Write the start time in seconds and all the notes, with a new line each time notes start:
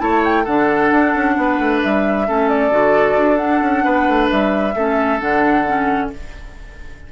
0.00 A3 E4 C#5 A5
0.24 G5
0.44 D3 D4 A4 F#5
0.92 D4
1.15 C#4
1.37 B3 B4
1.59 A3
1.83 G3 E5
2.28 A3 C#4 A4
2.49 D5
2.71 D3 F#4
3.17 D4
3.37 D4 F#5
3.62 C#4
3.85 B3 B4
4.08 A3
4.31 G3 E5
4.76 A3 C#4 A4
5.20 D3 D4 F#5
5.67 C#4